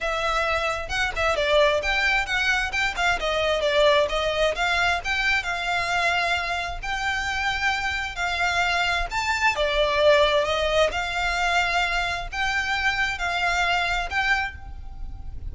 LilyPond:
\new Staff \with { instrumentName = "violin" } { \time 4/4 \tempo 4 = 132 e''2 fis''8 e''8 d''4 | g''4 fis''4 g''8 f''8 dis''4 | d''4 dis''4 f''4 g''4 | f''2. g''4~ |
g''2 f''2 | a''4 d''2 dis''4 | f''2. g''4~ | g''4 f''2 g''4 | }